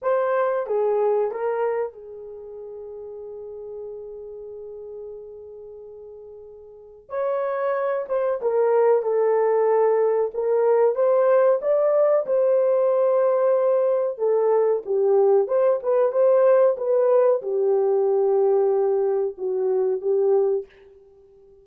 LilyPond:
\new Staff \with { instrumentName = "horn" } { \time 4/4 \tempo 4 = 93 c''4 gis'4 ais'4 gis'4~ | gis'1~ | gis'2. cis''4~ | cis''8 c''8 ais'4 a'2 |
ais'4 c''4 d''4 c''4~ | c''2 a'4 g'4 | c''8 b'8 c''4 b'4 g'4~ | g'2 fis'4 g'4 | }